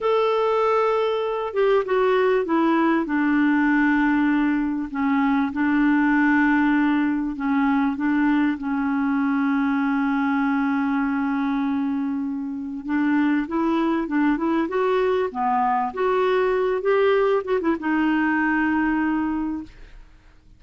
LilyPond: \new Staff \with { instrumentName = "clarinet" } { \time 4/4 \tempo 4 = 98 a'2~ a'8 g'8 fis'4 | e'4 d'2. | cis'4 d'2. | cis'4 d'4 cis'2~ |
cis'1~ | cis'4 d'4 e'4 d'8 e'8 | fis'4 b4 fis'4. g'8~ | g'8 fis'16 e'16 dis'2. | }